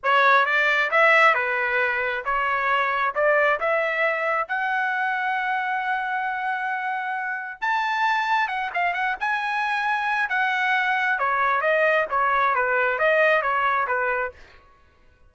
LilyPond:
\new Staff \with { instrumentName = "trumpet" } { \time 4/4 \tempo 4 = 134 cis''4 d''4 e''4 b'4~ | b'4 cis''2 d''4 | e''2 fis''2~ | fis''1~ |
fis''4 a''2 fis''8 f''8 | fis''8 gis''2~ gis''8 fis''4~ | fis''4 cis''4 dis''4 cis''4 | b'4 dis''4 cis''4 b'4 | }